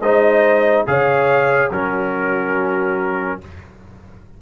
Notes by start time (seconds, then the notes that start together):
0.00 G#3 D#4 C5 D#5
0.86 C#3 G#4 C#5 F5
1.70 F#3 C#4 F#4 A#4